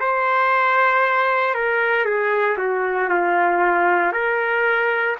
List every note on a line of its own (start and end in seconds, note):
0.00 1.54 C5
1.54 2.05 A#4
2.05 2.57 G#4
2.58 3.09 F#4
3.09 4.12 F4
4.12 5.16 A#4